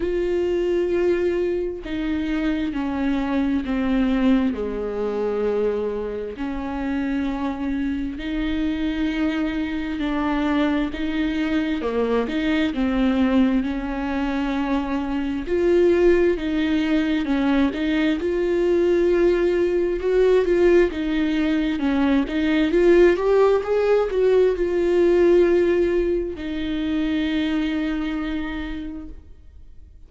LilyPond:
\new Staff \with { instrumentName = "viola" } { \time 4/4 \tempo 4 = 66 f'2 dis'4 cis'4 | c'4 gis2 cis'4~ | cis'4 dis'2 d'4 | dis'4 ais8 dis'8 c'4 cis'4~ |
cis'4 f'4 dis'4 cis'8 dis'8 | f'2 fis'8 f'8 dis'4 | cis'8 dis'8 f'8 g'8 gis'8 fis'8 f'4~ | f'4 dis'2. | }